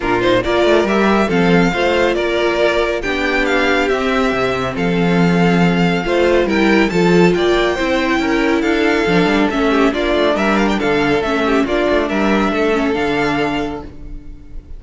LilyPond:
<<
  \new Staff \with { instrumentName = "violin" } { \time 4/4 \tempo 4 = 139 ais'8 c''8 d''4 e''4 f''4~ | f''4 d''2 g''4 | f''4 e''2 f''4~ | f''2. g''4 |
a''4 g''2. | f''2 e''4 d''4 | e''8 f''16 g''16 f''4 e''4 d''4 | e''2 f''2 | }
  \new Staff \with { instrumentName = "violin" } { \time 4/4 f'4 ais'2 a'4 | c''4 ais'2 g'4~ | g'2. a'4~ | a'2 c''4 ais'4 |
a'4 d''4 c''4 ais'4 | a'2~ a'8 g'8 f'4 | ais'4 a'4. g'8 f'4 | ais'4 a'2. | }
  \new Staff \with { instrumentName = "viola" } { \time 4/4 d'8 dis'8 f'4 g'4 c'4 | f'2. d'4~ | d'4 c'2.~ | c'2 f'4 e'4 |
f'2 e'2~ | e'4 d'4 cis'4 d'4~ | d'2 cis'4 d'4~ | d'4. cis'8 d'2 | }
  \new Staff \with { instrumentName = "cello" } { \time 4/4 ais,4 ais8 a8 g4 f4 | a4 ais2 b4~ | b4 c'4 c4 f4~ | f2 a4 g4 |
f4 ais4 c'4 cis'4 | d'4 f8 g8 a4 ais8 a8 | g4 d4 a4 ais8 a8 | g4 a4 d2 | }
>>